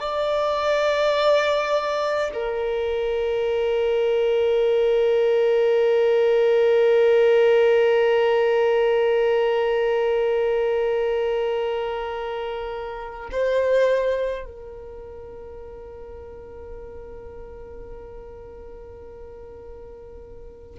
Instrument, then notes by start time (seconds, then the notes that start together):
violin
0.00 D5
2.34 A#4
13.32 C5
14.45 A#4